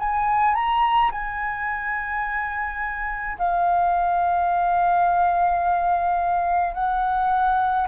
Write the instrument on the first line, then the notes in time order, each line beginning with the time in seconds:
flute
0.00 G#5
0.55 A#5
1.12 G#5
3.39 F5
6.75 F#5